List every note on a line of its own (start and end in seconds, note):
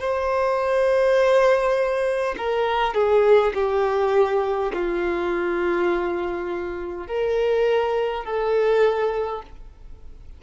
0.00 2.35 C5
2.37 2.95 A#4
2.95 3.53 G#4
3.55 4.72 G4
4.73 7.07 F4
7.07 8.25 A#4
8.25 9.42 A4